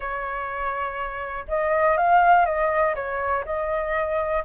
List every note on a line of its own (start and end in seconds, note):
0.00 1.45 C#5
1.48 1.97 D#5
1.97 2.45 F5
2.45 2.94 D#5
2.95 3.44 C#5
3.45 4.43 D#5